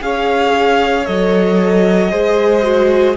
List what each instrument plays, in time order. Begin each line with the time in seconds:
0.00 cello C#4, viola G#4, violin C#5 F5
1.06 cello F#3, viola A4, violin D#5
2.11 cello G#3, viola G#4, violin C5
2.63 viola F#4